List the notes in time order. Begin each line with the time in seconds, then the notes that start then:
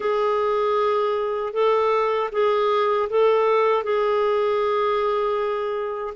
0.00 G#4
1.53 A4
2.31 G#4
3.09 A4
3.83 G#4